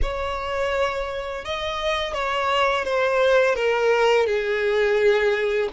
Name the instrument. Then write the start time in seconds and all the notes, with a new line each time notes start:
violin
0.02 C#5
1.44 D#5
2.13 C#5
2.84 C5
3.55 A#4
4.26 G#4